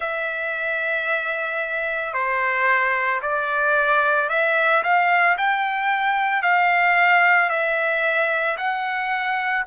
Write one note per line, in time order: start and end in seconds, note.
0.00 2.13 E5
2.13 3.20 C5
3.21 4.29 D5
4.29 4.82 E5
4.83 5.36 F5
5.37 6.42 G5
6.42 7.49 F5
7.50 8.57 E5
8.57 9.64 F#5